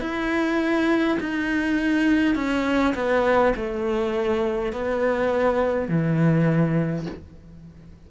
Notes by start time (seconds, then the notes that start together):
0.00 E4
1.20 D#4
2.35 C#4
2.95 B3
3.56 A3
4.72 B3
5.88 E3